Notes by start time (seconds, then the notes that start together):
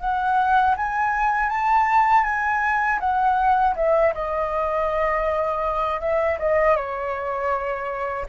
0.00 F#5
0.76 G#5
1.49 A5
2.24 G#5
2.99 F#5
3.76 E5
4.14 D#5
6.00 E5
6.39 D#5
6.76 C#5